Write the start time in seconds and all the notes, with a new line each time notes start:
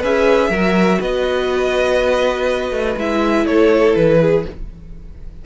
0.00 C#4 G#4 B4 E5
0.49 F#3 F#4 A#4
1.00 B3 B4 D#5
2.71 A3
2.96 G#3 E4 E5
3.45 A3 A4 C#5
3.95 E3 B4
4.20 G#4